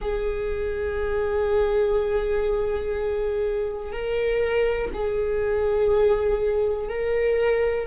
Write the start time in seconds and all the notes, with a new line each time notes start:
0.01 G#4
3.92 A#4
4.93 G#4
6.89 A#4